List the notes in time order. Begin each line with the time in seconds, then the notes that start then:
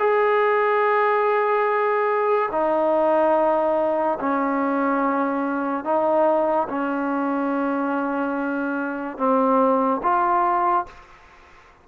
0.00 G#4
2.52 D#4
4.20 C#4
5.85 D#4
6.69 C#4
9.18 C4
10.03 F4